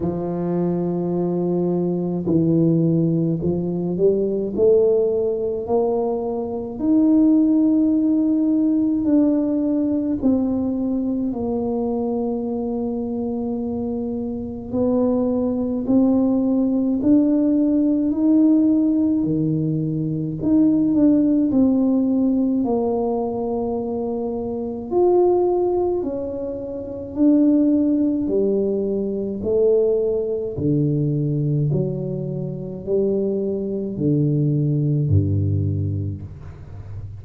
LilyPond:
\new Staff \with { instrumentName = "tuba" } { \time 4/4 \tempo 4 = 53 f2 e4 f8 g8 | a4 ais4 dis'2 | d'4 c'4 ais2~ | ais4 b4 c'4 d'4 |
dis'4 dis4 dis'8 d'8 c'4 | ais2 f'4 cis'4 | d'4 g4 a4 d4 | fis4 g4 d4 g,4 | }